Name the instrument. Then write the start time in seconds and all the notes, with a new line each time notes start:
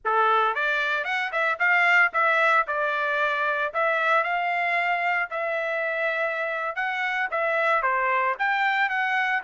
trumpet
0.04 A4
0.54 D5
1.04 F#5
1.32 E5
1.59 F5
2.13 E5
2.67 D5
3.73 E5
4.23 F5
5.30 E5
6.75 F#5
7.31 E5
7.82 C5
8.38 G5
8.89 F#5